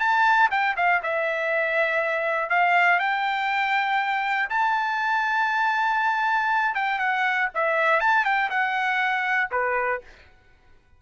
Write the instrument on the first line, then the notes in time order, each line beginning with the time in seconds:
trumpet
0.00 A5
0.51 G5
0.77 F5
1.03 E5
2.50 F5
2.99 G5
4.50 A5
6.75 G5
6.99 F#5
7.55 E5
8.00 A5
8.25 G5
8.50 F#5
9.52 B4